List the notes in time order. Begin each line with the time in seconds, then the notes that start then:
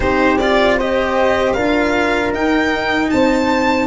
0.00 C4 D#4 G4 C5
0.38 F4 D5
0.77 G4 C5 D#5
1.53 D4 F4 A#4 F5
2.32 D#4 G5
3.09 C4 C5 A5